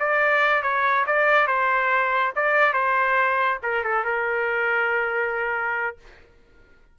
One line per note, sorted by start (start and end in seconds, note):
0.00 0.63 D5
0.63 1.06 C#5
1.07 1.48 D5
1.48 2.33 C5
2.36 2.74 D5
2.74 3.59 C5
3.63 3.84 A#4
3.84 4.05 A4
4.05 5.98 A#4